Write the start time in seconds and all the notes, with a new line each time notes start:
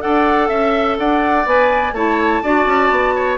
0.00 D4 A4 D5 F#5
0.49 C#4 E5
0.99 D4 D5 F#5
1.46 B3 B4 G#5
1.93 A3 E4 C#5 A5
2.43 D4 F#4 D5
2.66 C#4
2.90 B3
3.15 C#5